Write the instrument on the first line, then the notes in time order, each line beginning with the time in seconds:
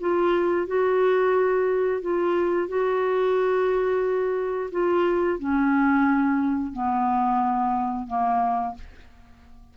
clarinet
0.00 F4
0.67 F#4
2.01 F4
2.68 F#4
4.71 F4
5.39 C#4
6.73 B3
8.07 A#3